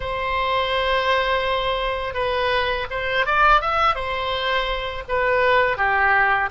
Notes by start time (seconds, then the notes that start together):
0.00 C5
2.14 B4
2.90 C5
3.26 D5
3.61 E5
3.95 C5
5.08 B4
5.77 G4